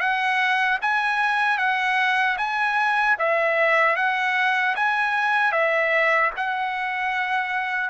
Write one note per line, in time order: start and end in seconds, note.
0.00 0.79 F#5
0.82 1.58 G#5
1.58 2.37 F#5
2.38 3.17 G#5
3.19 3.96 E5
3.96 4.75 F#5
4.75 5.52 G#5
5.52 6.31 E5
6.37 7.90 F#5